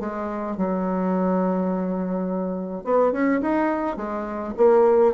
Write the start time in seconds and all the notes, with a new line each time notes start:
0.00 G#3
0.57 F#3
2.84 B3
3.12 C#4
3.42 D#4
3.97 G#3
4.57 A#3